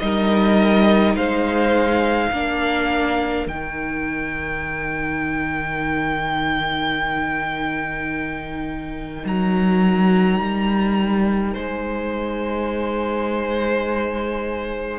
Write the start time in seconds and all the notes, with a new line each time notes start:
0.00 G3 D#4 A#4 D#5
1.16 G#3 C5 F5
2.31 A#3 D4 A#4
3.47 D#3 D#4 G5
9.25 F#3 A#5
10.40 G3
11.54 G#3 C5 G#5